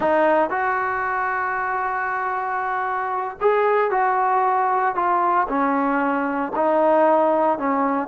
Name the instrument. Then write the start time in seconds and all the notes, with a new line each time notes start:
trombone
0.00 D#4
0.50 F#4
3.40 G#4
3.91 F#4
4.95 F4
5.48 C#4
6.55 D#4
7.58 C#4